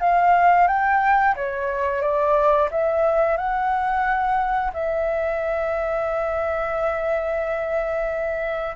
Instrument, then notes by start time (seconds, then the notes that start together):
flute
0.00 F5
0.67 G5
1.36 C#5
2.02 D5
2.71 E5
3.37 F#5
4.73 E5